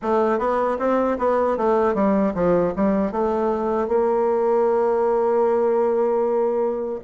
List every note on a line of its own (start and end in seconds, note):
0.01 0.38 A3
0.38 0.77 B3
0.78 1.17 C4
1.18 1.57 B3
1.57 1.94 A3
1.94 2.33 G3
2.34 2.73 F3
2.76 3.11 G3
3.11 3.87 A3
3.87 6.99 A#3